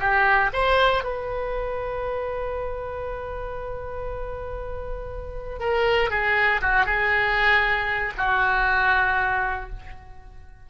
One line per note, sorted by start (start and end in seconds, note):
0.00 0.51 G4
0.53 1.04 C5
1.04 5.60 B4
5.60 6.10 A#4
6.10 6.61 G#4
6.61 6.86 F#4
6.86 8.13 G#4
8.18 9.70 F#4